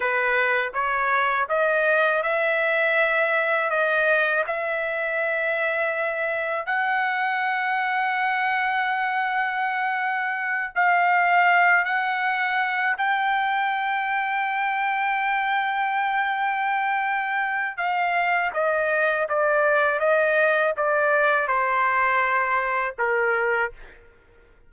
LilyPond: \new Staff \with { instrumentName = "trumpet" } { \time 4/4 \tempo 4 = 81 b'4 cis''4 dis''4 e''4~ | e''4 dis''4 e''2~ | e''4 fis''2.~ | fis''2~ fis''8 f''4. |
fis''4. g''2~ g''8~ | g''1 | f''4 dis''4 d''4 dis''4 | d''4 c''2 ais'4 | }